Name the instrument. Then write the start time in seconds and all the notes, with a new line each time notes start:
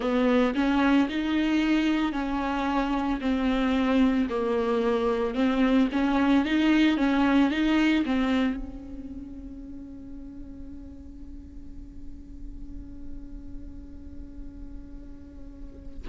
viola
0.00 B3
0.54 C#4
1.09 D#4
2.12 C#4
3.20 C4
4.29 A#3
5.35 C4
5.92 C#4
6.45 D#4
6.97 C#4
7.50 D#4
8.05 C4
8.56 C#4